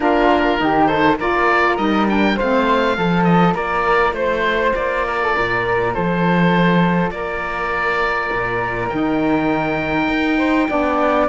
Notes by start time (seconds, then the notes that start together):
0.00 A#3 D4 F4 A#4
0.57 D#3 D#4 G4
0.86 A4 C5
1.18 A#3 F4 A#4 D5
1.76 G3 D#4 D#5
2.07 D4 G5
2.36 A3 C4 C5 F5
2.97 F3 F4 A4
3.24 D#5
3.54 A#3 A#4 D5
4.12 A3 C5
4.74 A#3 D5
5.06 A#4
5.22 A4
5.35 A#2 A#4
5.94 F3 A4 C5
7.10 A#3 A#4 D5
8.32 A#2
8.89 D#3 D#4 G5
10.08 D#4
10.37 C5
10.69 B3 D4 D5